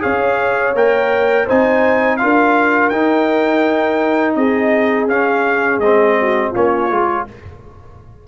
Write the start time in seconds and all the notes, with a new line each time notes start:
0.00 C#4 G#4 C#5 F5
0.74 A#3 A#4 G5
1.46 C4 D#4 C5 G#5
2.17 F4 F5
2.23 D4 A#4
2.89 D#4 G5
4.35 C4 G#4 D#5
5.07 C#4 F5
5.78 G#3 C4 D#5
6.21 F#4
6.51 A#3 C#4 F4 C#5
6.90 G#3 F4